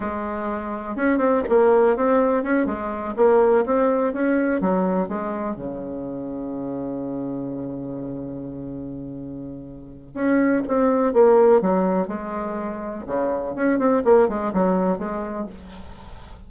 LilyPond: \new Staff \with { instrumentName = "bassoon" } { \time 4/4 \tempo 4 = 124 gis2 cis'8 c'8 ais4 | c'4 cis'8 gis4 ais4 c'8~ | c'8 cis'4 fis4 gis4 cis8~ | cis1~ |
cis1~ | cis4 cis'4 c'4 ais4 | fis4 gis2 cis4 | cis'8 c'8 ais8 gis8 fis4 gis4 | }